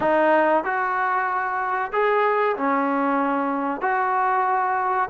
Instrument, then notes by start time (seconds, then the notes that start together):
trombone
0.00 D#4
0.64 F#4
1.92 G#4
2.56 C#4
3.81 F#4